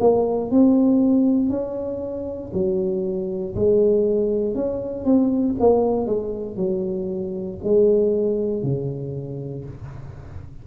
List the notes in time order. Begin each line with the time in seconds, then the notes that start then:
0.00 A#3
0.51 C4
1.50 C#4
2.53 F#3
3.55 G#3
4.55 C#4
5.05 C4
5.60 A#3
6.06 G#3
6.57 F#3
7.64 G#3
8.63 C#3